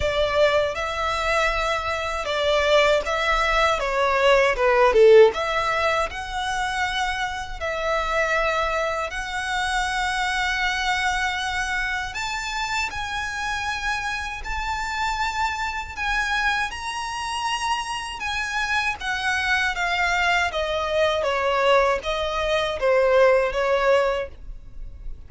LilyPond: \new Staff \with { instrumentName = "violin" } { \time 4/4 \tempo 4 = 79 d''4 e''2 d''4 | e''4 cis''4 b'8 a'8 e''4 | fis''2 e''2 | fis''1 |
a''4 gis''2 a''4~ | a''4 gis''4 ais''2 | gis''4 fis''4 f''4 dis''4 | cis''4 dis''4 c''4 cis''4 | }